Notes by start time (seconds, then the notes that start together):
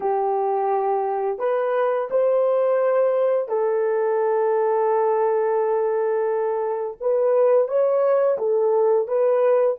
0.00 G4
1.38 B4
2.10 C5
3.48 A4
7.00 B4
7.67 C#5
8.38 A4
9.07 B4